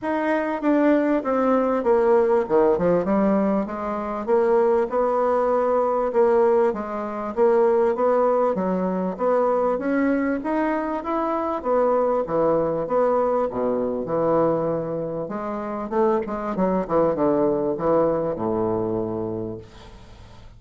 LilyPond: \new Staff \with { instrumentName = "bassoon" } { \time 4/4 \tempo 4 = 98 dis'4 d'4 c'4 ais4 | dis8 f8 g4 gis4 ais4 | b2 ais4 gis4 | ais4 b4 fis4 b4 |
cis'4 dis'4 e'4 b4 | e4 b4 b,4 e4~ | e4 gis4 a8 gis8 fis8 e8 | d4 e4 a,2 | }